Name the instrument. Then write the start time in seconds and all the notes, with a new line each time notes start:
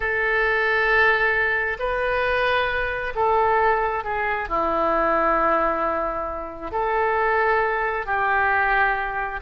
oboe
0.00 A4
1.79 B4
3.15 A4
4.03 G#4
4.49 E4
6.71 A4
8.06 G4